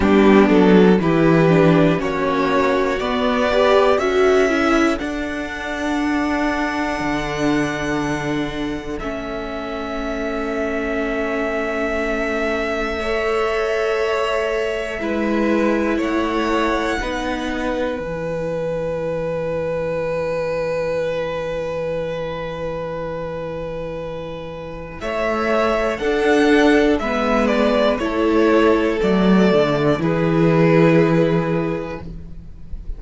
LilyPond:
<<
  \new Staff \with { instrumentName = "violin" } { \time 4/4 \tempo 4 = 60 g'8 a'8 b'4 cis''4 d''4 | e''4 fis''2.~ | fis''4 e''2.~ | e''1 |
fis''2 gis''2~ | gis''1~ | gis''4 e''4 fis''4 e''8 d''8 | cis''4 d''4 b'2 | }
  \new Staff \with { instrumentName = "violin" } { \time 4/4 d'4 g'4 fis'4. b'8 | a'1~ | a'1~ | a'4 cis''2 b'4 |
cis''4 b'2.~ | b'1~ | b'4 cis''4 a'4 b'4 | a'2 gis'2 | }
  \new Staff \with { instrumentName = "viola" } { \time 4/4 b4 e'8 d'8 cis'4 b8 g'8 | fis'8 e'8 d'2.~ | d'4 cis'2.~ | cis'4 a'2 e'4~ |
e'4 dis'4 e'2~ | e'1~ | e'2 d'4 b4 | e'4 a4 e'2 | }
  \new Staff \with { instrumentName = "cello" } { \time 4/4 g8 fis8 e4 ais4 b4 | cis'4 d'2 d4~ | d4 a2.~ | a2. gis4 |
a4 b4 e2~ | e1~ | e4 a4 d'4 gis4 | a4 fis8 d8 e2 | }
>>